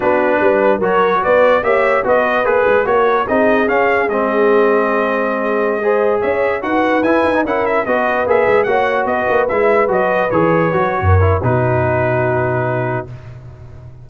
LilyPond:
<<
  \new Staff \with { instrumentName = "trumpet" } { \time 4/4 \tempo 4 = 147 b'2 cis''4 d''4 | e''4 dis''4 b'4 cis''4 | dis''4 f''4 dis''2~ | dis''2.~ dis''16 e''8.~ |
e''16 fis''4 gis''4 fis''8 e''8 dis''8.~ | dis''16 e''4 fis''4 dis''4 e''8.~ | e''16 dis''4 cis''2~ cis''8. | b'1 | }
  \new Staff \with { instrumentName = "horn" } { \time 4/4 fis'4 b'4 ais'4 b'4 | cis''4 b'2 ais'4 | gis'1~ | gis'2~ gis'16 c''4 cis''8.~ |
cis''16 b'2 ais'4 b'8.~ | b'4~ b'16 cis''4 b'4.~ b'16~ | b'2. ais'4 | fis'1 | }
  \new Staff \with { instrumentName = "trombone" } { \time 4/4 d'2 fis'2 | g'4 fis'4 gis'4 fis'4 | dis'4 cis'4 c'2~ | c'2~ c'16 gis'4.~ gis'16~ |
gis'16 fis'4 e'8. dis'16 e'4 fis'8.~ | fis'16 gis'4 fis'2 e'8.~ | e'16 fis'4 gis'4 fis'4~ fis'16 e'8 | dis'1 | }
  \new Staff \with { instrumentName = "tuba" } { \time 4/4 b4 g4 fis4 b4 | ais4 b4 ais8 gis8 ais4 | c'4 cis'4 gis2~ | gis2.~ gis16 cis'8.~ |
cis'16 dis'4 e'8 dis'8 cis'4 b8.~ | b16 ais8 gis8 ais4 b8 ais8 gis8.~ | gis16 fis4 e4 fis8. fis,4 | b,1 | }
>>